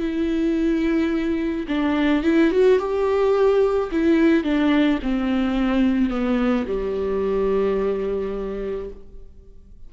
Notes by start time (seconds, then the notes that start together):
0.00 E4
1.68 D4
2.23 E4
2.52 F#4
2.79 G4
3.92 E4
4.44 D4
5.03 C4
6.10 B3
6.68 G3